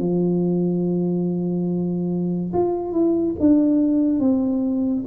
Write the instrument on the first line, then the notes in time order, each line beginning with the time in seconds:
tuba
0.00 F3
2.54 F4
2.93 E4
3.40 D4
4.20 C4